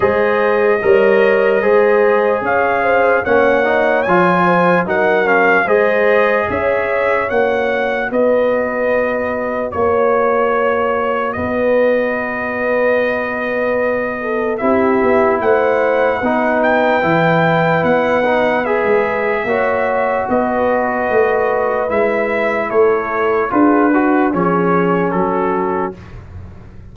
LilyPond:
<<
  \new Staff \with { instrumentName = "trumpet" } { \time 4/4 \tempo 4 = 74 dis''2. f''4 | fis''4 gis''4 fis''8 f''8 dis''4 | e''4 fis''4 dis''2 | cis''2 dis''2~ |
dis''2 e''4 fis''4~ | fis''8 g''4. fis''4 e''4~ | e''4 dis''2 e''4 | cis''4 b'4 cis''4 a'4 | }
  \new Staff \with { instrumentName = "horn" } { \time 4/4 c''4 cis''4 c''4 cis''8 c''8 | cis''4. c''8 ais'4 c''4 | cis''2 b'2 | cis''2 b'2~ |
b'4. a'8 g'4 c''4 | b'1 | cis''4 b'2. | a'4 gis'8 fis'8 gis'4 fis'4 | }
  \new Staff \with { instrumentName = "trombone" } { \time 4/4 gis'4 ais'4 gis'2 | cis'8 dis'8 f'4 dis'8 cis'8 gis'4~ | gis'4 fis'2.~ | fis'1~ |
fis'2 e'2 | dis'4 e'4. dis'8 gis'4 | fis'2. e'4~ | e'4 f'8 fis'8 cis'2 | }
  \new Staff \with { instrumentName = "tuba" } { \time 4/4 gis4 g4 gis4 cis'4 | ais4 f4 fis4 gis4 | cis'4 ais4 b2 | ais2 b2~ |
b2 c'8 b8 a4 | b4 e4 b4~ b16 gis8. | ais4 b4 a4 gis4 | a4 d'4 f4 fis4 | }
>>